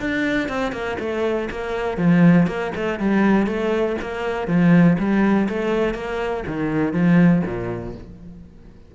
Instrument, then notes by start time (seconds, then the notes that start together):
cello
0.00 D4
0.49 C4
0.73 A#3
1.00 A3
1.51 A#3
1.98 F3
2.47 A#3
2.76 A3
3.00 G3
3.47 A3
4.02 A#3
4.48 F3
4.99 G3
5.49 A3
5.94 A#3
6.48 D#3
6.93 F3
7.46 A#2